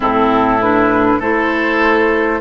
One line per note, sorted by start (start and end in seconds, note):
0.00 1.19 A2
0.00 0.59 C4
0.00 1.19 E4
0.00 0.61 A4
0.61 1.21 D4
0.61 1.21 B4
1.19 2.40 A3
1.19 2.41 E4
1.19 2.39 A4
1.19 2.41 C5